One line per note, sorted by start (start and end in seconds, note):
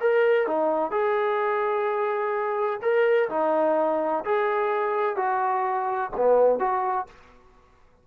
0.00 0.47 A#4
0.47 0.91 D#4
0.91 2.80 G#4
2.82 3.29 A#4
3.29 4.24 D#4
4.25 5.16 G#4
5.16 6.11 F#4
6.17 6.59 B3
6.59 7.07 F#4